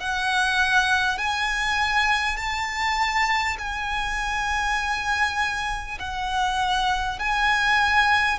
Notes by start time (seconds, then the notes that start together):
0.00 F#5
1.18 G#5
2.37 A5
3.58 G#5
5.99 F#5
7.19 G#5